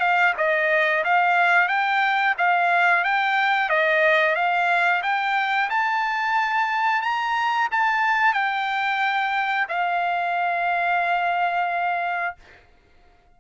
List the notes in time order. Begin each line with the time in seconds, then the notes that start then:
0.00 F5
0.37 D#5
1.04 F5
1.68 G5
2.38 F5
3.04 G5
3.69 D#5
4.35 F5
5.03 G5
5.70 A5
7.02 A#5
7.72 A5
8.33 G5
9.68 F5